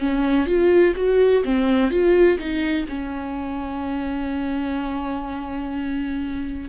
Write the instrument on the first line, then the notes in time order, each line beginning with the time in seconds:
viola
0.00 C#4
0.47 F4
0.97 F#4
1.45 C4
1.91 F4
2.39 D#4
2.89 C#4